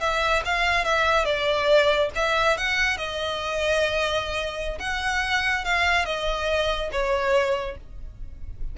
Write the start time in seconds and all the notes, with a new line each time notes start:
0.00 E5
0.45 F5
0.85 E5
1.25 D5
2.15 E5
2.57 F#5
2.97 D#5
4.79 F#5
5.65 F5
6.05 D#5
6.92 C#5